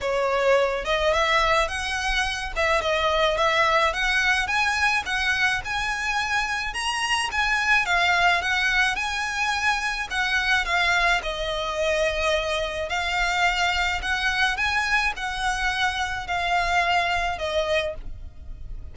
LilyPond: \new Staff \with { instrumentName = "violin" } { \time 4/4 \tempo 4 = 107 cis''4. dis''8 e''4 fis''4~ | fis''8 e''8 dis''4 e''4 fis''4 | gis''4 fis''4 gis''2 | ais''4 gis''4 f''4 fis''4 |
gis''2 fis''4 f''4 | dis''2. f''4~ | f''4 fis''4 gis''4 fis''4~ | fis''4 f''2 dis''4 | }